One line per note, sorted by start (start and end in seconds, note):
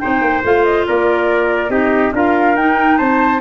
0.00 0.22 C4
0.00 0.43 D#4
0.00 0.87 C5
0.00 0.42 G5
0.22 0.43 A#3
0.44 0.87 A3
0.44 1.70 F4
0.44 0.65 F5
0.65 0.86 D#5
0.88 1.70 A#3
0.88 1.71 A#4
0.88 1.71 D5
1.70 2.12 C4
1.70 2.12 D#4
1.70 2.13 G4
1.70 2.13 D#5
2.14 2.56 D4
2.14 2.57 F4
2.14 2.98 A#4
2.14 2.57 F5
2.56 2.98 D#4
2.56 3.41 D#4
2.56 2.98 G5
2.98 3.41 C4
2.98 3.41 C5
2.98 3.40 A5